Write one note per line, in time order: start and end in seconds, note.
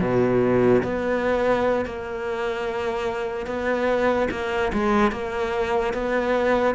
0.00 0.82 B2
0.83 1.86 B3
1.86 3.46 A#3
3.46 4.29 B3
4.31 4.72 A#3
4.73 5.12 G#3
5.12 5.93 A#3
5.93 6.75 B3